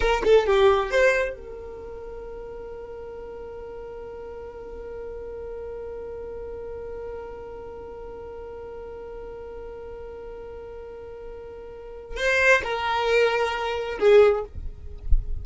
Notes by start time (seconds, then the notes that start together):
0.00 A#4
0.24 A4
0.46 G4
0.90 C5
1.34 A#4
12.16 C5
12.63 A#4
13.99 G#4